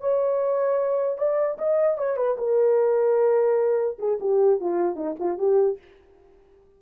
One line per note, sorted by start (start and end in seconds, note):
0.00 1.18 C#5
1.18 1.58 D5
1.58 1.98 D#5
1.98 2.17 C#5
2.17 2.37 B4
2.38 3.98 A#4
3.99 4.19 G#4
4.20 4.60 G4
4.60 4.96 F4
4.96 5.16 D#4
5.19 5.38 F4
5.38 5.78 G4